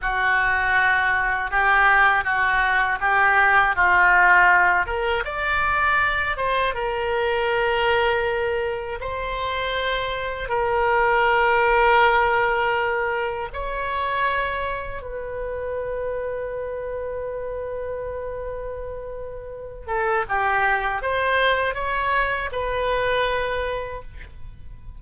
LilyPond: \new Staff \with { instrumentName = "oboe" } { \time 4/4 \tempo 4 = 80 fis'2 g'4 fis'4 | g'4 f'4. ais'8 d''4~ | d''8 c''8 ais'2. | c''2 ais'2~ |
ais'2 cis''2 | b'1~ | b'2~ b'8 a'8 g'4 | c''4 cis''4 b'2 | }